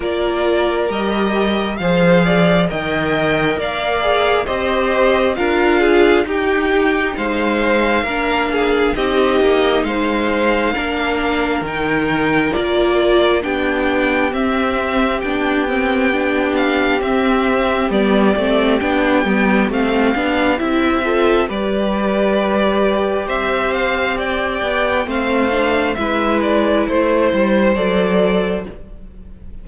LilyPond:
<<
  \new Staff \with { instrumentName = "violin" } { \time 4/4 \tempo 4 = 67 d''4 dis''4 f''4 g''4 | f''4 dis''4 f''4 g''4 | f''2 dis''4 f''4~ | f''4 g''4 d''4 g''4 |
e''4 g''4. f''8 e''4 | d''4 g''4 f''4 e''4 | d''2 e''8 f''8 g''4 | f''4 e''8 d''8 c''4 d''4 | }
  \new Staff \with { instrumentName = "violin" } { \time 4/4 ais'2 c''8 d''8 dis''4 | d''4 c''4 ais'8 gis'8 g'4 | c''4 ais'8 gis'8 g'4 c''4 | ais'2. g'4~ |
g'1~ | g'2.~ g'8 a'8 | b'2 c''4 d''4 | c''4 b'4 c''2 | }
  \new Staff \with { instrumentName = "viola" } { \time 4/4 f'4 g'4 gis'4 ais'4~ | ais'8 gis'8 g'4 f'4 dis'4~ | dis'4 d'4 dis'2 | d'4 dis'4 f'4 d'4 |
c'4 d'8 c'8 d'4 c'4 | b8 c'8 d'8 b8 c'8 d'8 e'8 f'8 | g'1 | c'8 d'8 e'2 a'4 | }
  \new Staff \with { instrumentName = "cello" } { \time 4/4 ais4 g4 f4 dis4 | ais4 c'4 d'4 dis'4 | gis4 ais4 c'8 ais8 gis4 | ais4 dis4 ais4 b4 |
c'4 b2 c'4 | g8 a8 b8 g8 a8 b8 c'4 | g2 c'4. b8 | a4 gis4 a8 g8 fis4 | }
>>